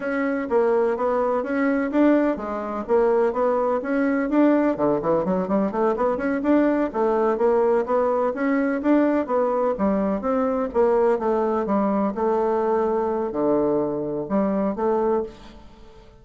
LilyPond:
\new Staff \with { instrumentName = "bassoon" } { \time 4/4 \tempo 4 = 126 cis'4 ais4 b4 cis'4 | d'4 gis4 ais4 b4 | cis'4 d'4 d8 e8 fis8 g8 | a8 b8 cis'8 d'4 a4 ais8~ |
ais8 b4 cis'4 d'4 b8~ | b8 g4 c'4 ais4 a8~ | a8 g4 a2~ a8 | d2 g4 a4 | }